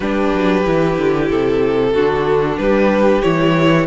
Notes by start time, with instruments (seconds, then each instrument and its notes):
0.00 cello G3, viola D4, violin G4 B4
0.33 cello F#3
0.64 cello E3, viola E4
0.97 cello D3
1.29 cello C3, violin A4
1.93 cello D3, viola D4, violin F#4
2.58 cello G3, violin G4 B4
3.22 cello E3, viola E4, violin C#5